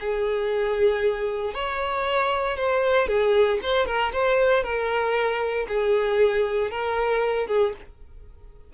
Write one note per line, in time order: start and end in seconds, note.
0.00 1.54 G#4
1.54 2.57 C#5
2.57 3.08 C5
3.08 3.59 G#4
3.62 3.86 C5
3.86 4.12 A#4
4.13 4.63 C5
4.63 5.67 A#4
5.68 6.71 G#4
6.71 7.47 A#4
7.47 7.73 G#4